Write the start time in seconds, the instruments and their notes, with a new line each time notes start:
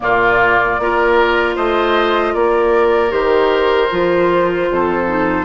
0.00 bassoon A#2, clarinet A#3, oboe F4, flute D5
0.78 bassoon A#3, clarinet F4, oboe A#4
1.55 bassoon A3, oboe C5, flute D#5
2.34 bassoon A#3, oboe A#4, flute D5
3.09 bassoon D#3, clarinet G4, flute C5
3.90 bassoon F3, clarinet F4
4.70 bassoon F2, oboe A4
5.06 clarinet D#4